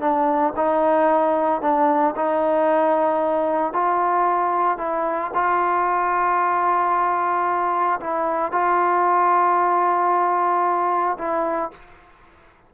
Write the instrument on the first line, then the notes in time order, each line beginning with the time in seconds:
trombone
0.00 D4
0.56 D#4
1.61 D4
2.16 D#4
3.73 F4
4.78 E4
5.34 F4
8.00 E4
8.52 F4
11.18 E4